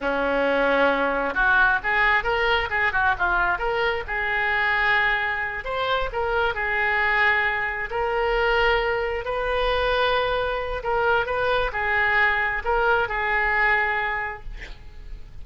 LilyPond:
\new Staff \with { instrumentName = "oboe" } { \time 4/4 \tempo 4 = 133 cis'2. fis'4 | gis'4 ais'4 gis'8 fis'8 f'4 | ais'4 gis'2.~ | gis'8 c''4 ais'4 gis'4.~ |
gis'4. ais'2~ ais'8~ | ais'8 b'2.~ b'8 | ais'4 b'4 gis'2 | ais'4 gis'2. | }